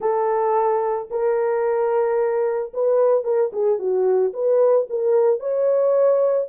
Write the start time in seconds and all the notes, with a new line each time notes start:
0.00 A4
1.10 A#4
2.73 B4
3.24 A#4
3.52 G#4
3.78 F#4
4.33 B4
4.89 A#4
5.39 C#5